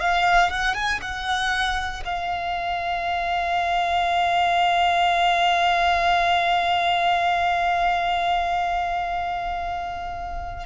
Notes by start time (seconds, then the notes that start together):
0.00 F5
0.50 F#5
0.74 G#5
1.02 F#5
2.05 F5